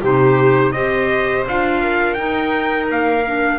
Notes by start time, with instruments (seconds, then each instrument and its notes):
0.00 double bass C3, clarinet D#4, viola G4, trumpet C5
0.72 double bass C4, clarinet G4, viola C5, trumpet D#5
1.47 double bass D4, clarinet F4, trumpet F5
1.80 viola A#4
2.14 clarinet D#4, double bass D#4, trumpet G5
2.90 double bass A#3, trumpet F5
3.24 clarinet D4